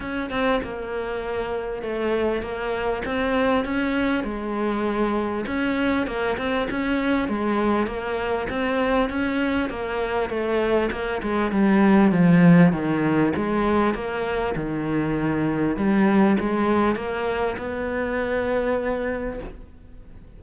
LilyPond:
\new Staff \with { instrumentName = "cello" } { \time 4/4 \tempo 4 = 99 cis'8 c'8 ais2 a4 | ais4 c'4 cis'4 gis4~ | gis4 cis'4 ais8 c'8 cis'4 | gis4 ais4 c'4 cis'4 |
ais4 a4 ais8 gis8 g4 | f4 dis4 gis4 ais4 | dis2 g4 gis4 | ais4 b2. | }